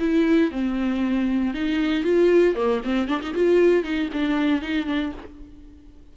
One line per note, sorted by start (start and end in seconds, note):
0.00 0.52 E4
0.52 1.54 C4
1.54 2.04 D#4
2.04 2.56 F4
2.56 2.82 A#3
2.84 3.08 C4
3.08 3.21 D4
3.22 3.35 D#4
3.35 3.84 F4
3.84 4.10 D#4
4.13 4.62 D4
4.62 4.87 D#4
4.87 5.13 D4